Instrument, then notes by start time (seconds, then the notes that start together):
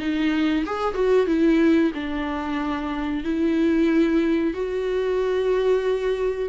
viola
0.00 D#4
0.66 G#4
0.95 F#4
1.27 E4
1.95 D4
3.24 E4
4.54 F#4